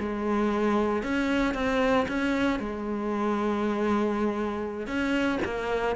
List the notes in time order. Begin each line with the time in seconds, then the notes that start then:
0.00 G#3
1.04 C#4
1.55 C4
2.09 C#4
2.60 G#3
4.88 C#4
5.45 A#3